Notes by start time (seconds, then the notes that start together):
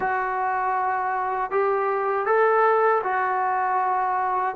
0.00 F#4
1.51 G4
2.26 A4
3.03 F#4